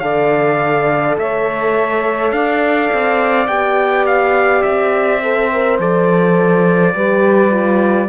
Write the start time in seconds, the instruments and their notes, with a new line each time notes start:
0.00 cello D3, horn A4, saxophone D5, trumpet F5
1.17 cello A3, saxophone C#5, trumpet E5
2.31 cello D4, saxophone D5, trumpet F5
2.93 cello C4
3.47 cello B3, horn G4, trumpet G5
4.06 trumpet F5
4.62 cello C4, trumpet E5
5.22 horn A4, saxophone C5
5.53 horn A#4
5.79 cello F3, horn A4, trumpet D5
6.94 cello G3, horn G4, saxophone B4
7.50 horn F4